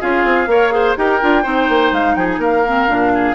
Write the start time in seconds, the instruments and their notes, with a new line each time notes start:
0.00 bassoon C#4, clarinet F4, oboe G#4, flute F5
0.24 bassoon C4
0.47 bassoon A#3, clarinet A#4, oboe C#5
0.71 clarinet G#4, oboe C5
0.96 bassoon D#4, clarinet G4, oboe A#4, flute G5
1.21 bassoon D4, clarinet F4
1.43 bassoon C4, clarinet D#4, oboe C5
1.68 bassoon A#3
1.91 bassoon G#3, flute F5
2.15 bassoon F3, oboe G#4, flute G5
2.29 flute G#5
2.38 bassoon A#3, oboe A#4, flute F5
2.67 clarinet C4
2.87 bassoon A#2, clarinet D4
3.14 oboe G#4